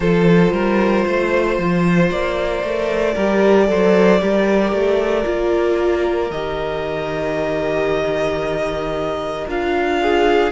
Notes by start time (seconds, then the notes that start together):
0.00 F3 F4 A4 C5
0.52 G3 A#4
1.05 A3 C5
1.58 F3
2.11 A#3 D5
2.62 A3 A#4
3.14 G3 G4 A#4
3.67 F#3 A4 C5
4.20 G3 G4 A#4
4.72 A3
5.23 A#3 F4
6.30 D#3 G4 D#5
9.47 D4 F4 F5
10.02 G#4